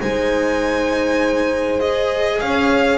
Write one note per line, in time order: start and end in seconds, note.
0.00 2.41 G#3
0.00 1.80 D#4
0.00 2.41 C5
0.00 1.80 G#5
1.80 2.98 G#4
1.80 2.40 D#5
2.40 2.98 C#4
2.40 2.98 C#5
2.40 2.98 F5